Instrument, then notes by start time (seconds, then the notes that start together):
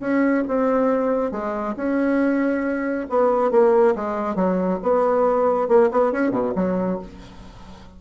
bassoon
0.00 C#4
0.47 C4
1.31 G#3
1.76 C#4
3.09 B3
3.51 A#3
3.95 G#3
4.35 F#3
4.82 B3
5.68 A#3
5.91 B3
6.12 C#4
6.31 B2
6.55 F#3